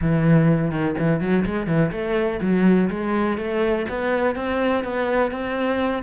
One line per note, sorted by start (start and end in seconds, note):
0.01 0.71 E3
0.71 0.95 D#3
0.99 1.20 E3
1.20 1.44 F#3
1.45 1.66 G#3
1.66 1.90 E3
1.91 2.40 A3
2.41 2.89 F#3
2.90 3.37 G#3
3.37 3.86 A3
3.89 4.35 B3
4.35 4.83 C4
4.84 5.31 B3
5.31 6.03 C4